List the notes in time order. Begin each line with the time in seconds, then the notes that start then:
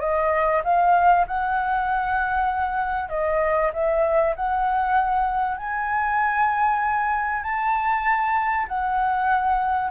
0.00 D#5
0.64 F5
1.27 F#5
3.09 D#5
3.73 E5
4.36 F#5
5.57 G#5
7.43 A5
8.68 F#5